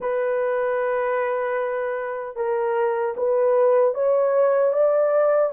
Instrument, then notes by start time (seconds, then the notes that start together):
horn
0.00 B4
2.35 A#4
3.17 B4
3.94 C#5
4.73 D5